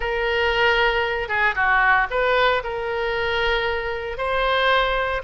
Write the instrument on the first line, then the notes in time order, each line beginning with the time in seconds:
oboe
0.00 A#4
1.28 G#4
1.55 F#4
2.10 B4
2.63 A#4
4.17 C5